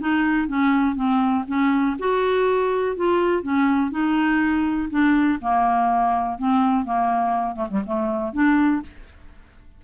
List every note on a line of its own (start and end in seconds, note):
0.00 0.48 D#4
0.48 0.95 C#4
0.95 1.44 C4
1.47 1.96 C#4
1.99 2.96 F#4
2.96 3.42 F4
3.42 3.91 C#4
3.91 4.89 D#4
4.90 5.39 D4
5.41 6.38 A#3
6.38 6.85 C4
6.85 7.55 A#3
7.55 7.67 A3
7.70 7.82 G3
7.86 8.32 A3
8.32 8.82 D4